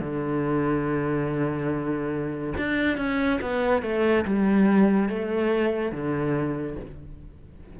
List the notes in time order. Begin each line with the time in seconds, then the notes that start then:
0.00 D3
2.57 D4
2.97 C#4
3.41 B3
3.82 A3
4.25 G3
5.09 A3
5.92 D3